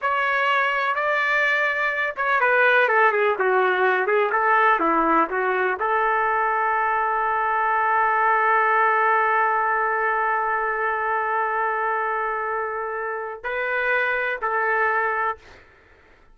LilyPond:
\new Staff \with { instrumentName = "trumpet" } { \time 4/4 \tempo 4 = 125 cis''2 d''2~ | d''8 cis''8 b'4 a'8 gis'8 fis'4~ | fis'8 gis'8 a'4 e'4 fis'4 | a'1~ |
a'1~ | a'1~ | a'1 | b'2 a'2 | }